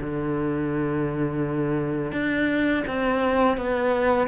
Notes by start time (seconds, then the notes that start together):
0.00 D3
2.12 D4
2.87 C4
3.57 B3